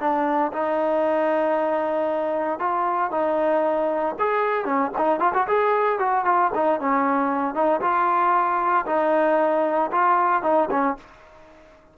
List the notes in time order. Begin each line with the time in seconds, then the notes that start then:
0.00 D4
0.53 D#4
2.59 F4
3.11 D#4
4.19 G#4
4.65 C#4
4.98 D#4
5.20 F4
5.34 F#4
5.47 G#4
5.99 F#4
6.25 F4
6.55 D#4
6.80 C#4
7.55 D#4
7.81 F4
8.86 D#4
9.92 F4
10.43 D#4
10.71 C#4